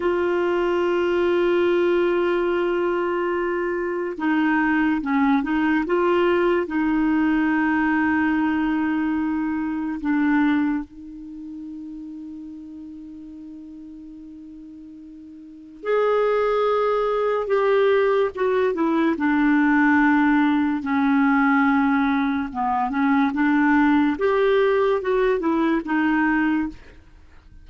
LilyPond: \new Staff \with { instrumentName = "clarinet" } { \time 4/4 \tempo 4 = 72 f'1~ | f'4 dis'4 cis'8 dis'8 f'4 | dis'1 | d'4 dis'2.~ |
dis'2. gis'4~ | gis'4 g'4 fis'8 e'8 d'4~ | d'4 cis'2 b8 cis'8 | d'4 g'4 fis'8 e'8 dis'4 | }